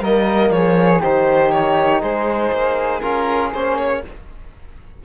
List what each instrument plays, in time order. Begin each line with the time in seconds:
0.00 cello G3, trombone A#3, flute A#4, violin D#5
0.50 cello F3, flute G#4, violin C#5
1.01 cello D#3, trombone D#4, flute G4, violin C5
1.51 violin C#5
2.01 cello G#3, flute G#4, violin C5
2.52 cello A#3
3.00 cello C#4, trombone F4, violin A#4
3.53 cello A#3, trombone C#4, violin C5
3.77 violin C#5